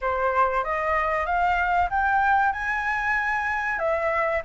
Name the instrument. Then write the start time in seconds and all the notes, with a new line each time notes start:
flute
0.01 C5
0.63 D#5
1.26 F5
1.89 G5
2.52 G#5
3.78 E5